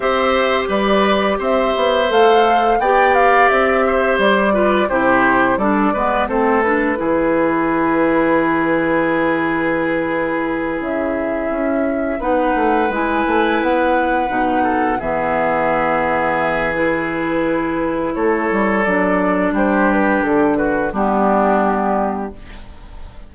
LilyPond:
<<
  \new Staff \with { instrumentName = "flute" } { \time 4/4 \tempo 4 = 86 e''4 d''4 e''4 f''4 | g''8 f''8 e''4 d''4 c''4 | d''4 c''8 b'2~ b'8~ | b'2.~ b'8 e''8~ |
e''4. fis''4 gis''4 fis''8~ | fis''4. e''2~ e''8 | b'2 cis''4 d''4 | c''8 b'8 a'8 b'8 g'2 | }
  \new Staff \with { instrumentName = "oboe" } { \time 4/4 c''4 b'4 c''2 | d''4. c''4 b'8 g'4 | a'8 b'8 a'4 gis'2~ | gis'1~ |
gis'4. b'2~ b'8~ | b'4 a'8 gis'2~ gis'8~ | gis'2 a'2 | g'4. fis'8 d'2 | }
  \new Staff \with { instrumentName = "clarinet" } { \time 4/4 g'2. a'4 | g'2~ g'8 f'8 e'4 | d'8 b8 c'8 d'8 e'2~ | e'1~ |
e'4. dis'4 e'4.~ | e'8 dis'4 b2~ b8 | e'2. d'4~ | d'2 b2 | }
  \new Staff \with { instrumentName = "bassoon" } { \time 4/4 c'4 g4 c'8 b8 a4 | b4 c'4 g4 c4 | g8 gis8 a4 e2~ | e2.~ e8 cis8~ |
cis8 cis'4 b8 a8 gis8 a8 b8~ | b8 b,4 e2~ e8~ | e2 a8 g8 fis4 | g4 d4 g2 | }
>>